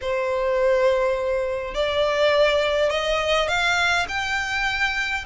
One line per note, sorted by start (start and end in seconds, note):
0.01 1.74 C5
1.74 2.90 D5
2.90 3.48 D#5
3.48 4.06 F5
4.08 5.25 G5